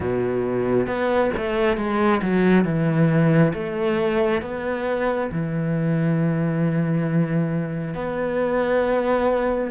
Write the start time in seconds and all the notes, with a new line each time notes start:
0.00 B2
0.86 B3
1.36 A3
1.76 G#3
2.22 F#3
2.64 E3
3.53 A3
4.41 B3
5.31 E3
7.94 B3